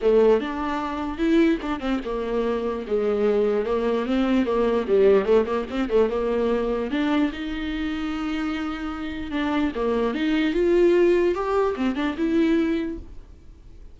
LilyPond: \new Staff \with { instrumentName = "viola" } { \time 4/4 \tempo 4 = 148 a4 d'2 e'4 | d'8 c'8 ais2 gis4~ | gis4 ais4 c'4 ais4 | g4 a8 ais8 c'8 a8 ais4~ |
ais4 d'4 dis'2~ | dis'2. d'4 | ais4 dis'4 f'2 | g'4 c'8 d'8 e'2 | }